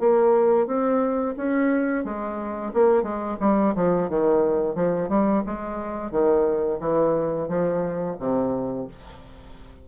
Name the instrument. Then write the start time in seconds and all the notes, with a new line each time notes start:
bassoon
0.00 A#3
0.67 C4
1.37 C#4
2.05 G#3
2.74 A#3
3.03 G#3
3.41 G3
3.76 F3
4.09 D#3
4.76 F3
5.10 G3
5.46 G#3
6.11 D#3
6.81 E3
7.49 F3
8.20 C3